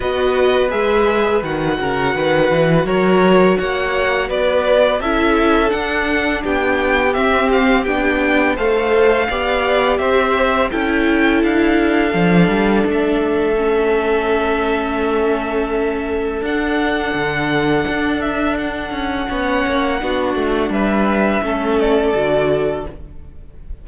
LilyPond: <<
  \new Staff \with { instrumentName = "violin" } { \time 4/4 \tempo 4 = 84 dis''4 e''4 fis''2 | cis''4 fis''4 d''4 e''4 | fis''4 g''4 e''8 f''8 g''4 | f''2 e''4 g''4 |
f''2 e''2~ | e''2. fis''4~ | fis''4. e''8 fis''2~ | fis''4 e''4. d''4. | }
  \new Staff \with { instrumentName = "violin" } { \time 4/4 b'2~ b'8 ais'8 b'4 | ais'4 cis''4 b'4 a'4~ | a'4 g'2. | c''4 d''4 c''4 a'4~ |
a'1~ | a'1~ | a'2. cis''4 | fis'4 b'4 a'2 | }
  \new Staff \with { instrumentName = "viola" } { \time 4/4 fis'4 gis'4 fis'2~ | fis'2. e'4 | d'2 c'4 d'4 | a'4 g'2 e'4~ |
e'4 d'2 cis'4~ | cis'2. d'4~ | d'2. cis'4 | d'2 cis'4 fis'4 | }
  \new Staff \with { instrumentName = "cello" } { \time 4/4 b4 gis4 dis8 cis8 dis8 e8 | fis4 ais4 b4 cis'4 | d'4 b4 c'4 b4 | a4 b4 c'4 cis'4 |
d'4 f8 g8 a2~ | a2. d'4 | d4 d'4. cis'8 b8 ais8 | b8 a8 g4 a4 d4 | }
>>